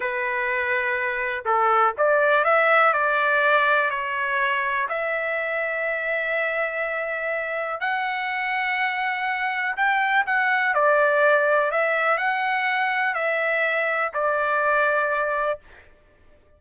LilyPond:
\new Staff \with { instrumentName = "trumpet" } { \time 4/4 \tempo 4 = 123 b'2. a'4 | d''4 e''4 d''2 | cis''2 e''2~ | e''1 |
fis''1 | g''4 fis''4 d''2 | e''4 fis''2 e''4~ | e''4 d''2. | }